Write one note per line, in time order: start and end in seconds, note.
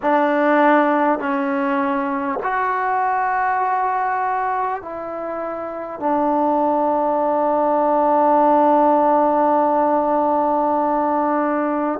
0.02 1.19 D4
1.19 2.39 C#4
2.43 4.82 F#4
4.82 5.99 E4
5.99 11.99 D4